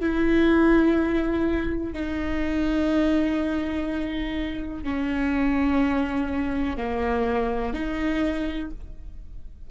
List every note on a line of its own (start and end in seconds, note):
0.00 1.94 E4
1.94 4.83 D#4
4.83 6.77 C#4
6.77 7.74 A#3
7.74 8.71 D#4